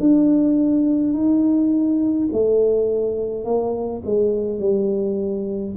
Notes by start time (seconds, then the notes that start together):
0.00 D4
1.13 D#4
2.32 A3
3.45 A#3
4.05 G#3
4.59 G3